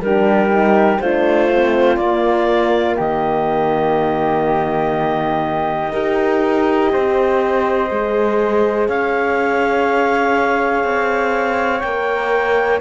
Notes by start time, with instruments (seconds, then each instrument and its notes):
0.00 cello G3, horn D4, flute G4, clarinet A#4
0.49 horn D#4
1.00 cello A3, horn D4, flute F4, clarinet C5
1.54 horn C4
1.97 cello A#3, horn A#3, clarinet D5
2.97 cello D#3, flute G4, clarinet D#5
5.92 cello D#4, horn G4, flute A#4
6.92 cello C4, flute C5
7.90 cello G#3, horn G#4
8.88 cello C#4, flute C#5, clarinet F5
10.84 cello C4
11.80 cello A#3, horn A#4, clarinet G5